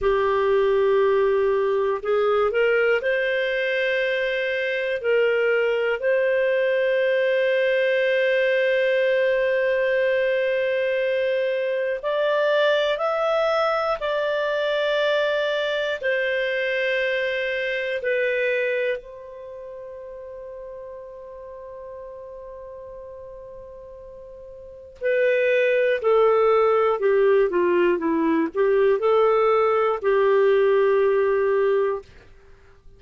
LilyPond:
\new Staff \with { instrumentName = "clarinet" } { \time 4/4 \tempo 4 = 60 g'2 gis'8 ais'8 c''4~ | c''4 ais'4 c''2~ | c''1 | d''4 e''4 d''2 |
c''2 b'4 c''4~ | c''1~ | c''4 b'4 a'4 g'8 f'8 | e'8 g'8 a'4 g'2 | }